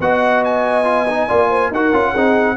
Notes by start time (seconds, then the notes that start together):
0.00 B3 F#4 D#5 F#5
0.44 G#5
0.84 F4
1.09 D#4
1.27 A#3 F4 D5
1.49 C5
1.71 D#4 F#4 A#4 F#5
1.93 C#4 F4
2.11 C4 D#4 G#4